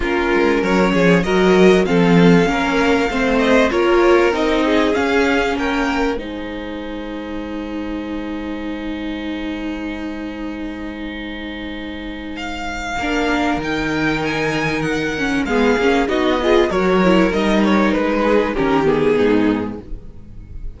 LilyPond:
<<
  \new Staff \with { instrumentName = "violin" } { \time 4/4 \tempo 4 = 97 ais'4 cis''4 dis''4 f''4~ | f''4. dis''8 cis''4 dis''4 | f''4 g''4 gis''2~ | gis''1~ |
gis''1 | f''2 g''4 gis''4 | fis''4 f''4 dis''4 cis''4 | dis''8 cis''8 b'4 ais'8 gis'4. | }
  \new Staff \with { instrumentName = "violin" } { \time 4/4 f'4 ais'8 gis'8 ais'4 a'4 | ais'4 c''4 ais'4. gis'8~ | gis'4 ais'4 c''2~ | c''1~ |
c''1~ | c''4 ais'2.~ | ais'4 gis'4 fis'8 gis'8 ais'4~ | ais'4. gis'8 g'4 dis'4 | }
  \new Staff \with { instrumentName = "viola" } { \time 4/4 cis'2 fis'4 c'4 | cis'4 c'4 f'4 dis'4 | cis'2 dis'2~ | dis'1~ |
dis'1~ | dis'4 d'4 dis'2~ | dis'8 cis'8 b8 cis'8 dis'8 f'8 fis'8 e'8 | dis'2 cis'8 b4. | }
  \new Staff \with { instrumentName = "cello" } { \time 4/4 ais8 gis8 fis8 f8 fis4 f4 | ais4 a4 ais4 c'4 | cis'4 ais4 gis2~ | gis1~ |
gis1~ | gis4 ais4 dis2~ | dis4 gis8 ais8 b4 fis4 | g4 gis4 dis4 gis,4 | }
>>